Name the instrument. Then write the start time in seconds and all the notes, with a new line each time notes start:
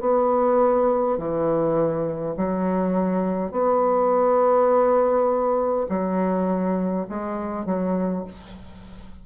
bassoon
0.00 B3
1.18 E3
2.36 F#3
3.51 B3
5.89 F#3
7.09 G#3
7.65 F#3